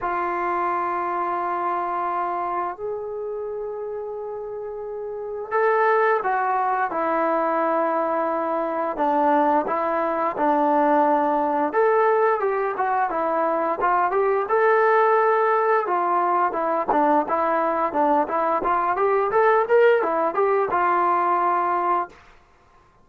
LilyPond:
\new Staff \with { instrumentName = "trombone" } { \time 4/4 \tempo 4 = 87 f'1 | gis'1 | a'4 fis'4 e'2~ | e'4 d'4 e'4 d'4~ |
d'4 a'4 g'8 fis'8 e'4 | f'8 g'8 a'2 f'4 | e'8 d'8 e'4 d'8 e'8 f'8 g'8 | a'8 ais'8 e'8 g'8 f'2 | }